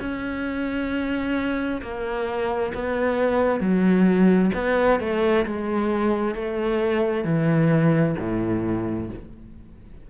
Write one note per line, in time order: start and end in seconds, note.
0.00 1.82 C#4
1.82 2.73 A#3
2.74 3.60 B3
3.60 4.51 F#3
4.55 5.00 B3
5.00 5.45 A3
5.46 6.35 G#3
6.35 7.24 A3
7.24 8.15 E3
8.19 9.10 A2